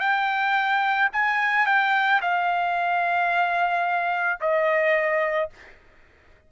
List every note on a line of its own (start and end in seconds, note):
0.00 1.09 G5
1.13 1.66 G#5
1.66 2.21 G5
2.21 4.39 F5
4.41 5.50 D#5